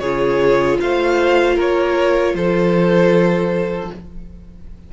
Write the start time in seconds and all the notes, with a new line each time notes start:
0.00 C#3 F4 G#4 C#5
0.81 A3 C5 F5
1.56 A#3 A#4 C#5
2.35 F3 A4 C5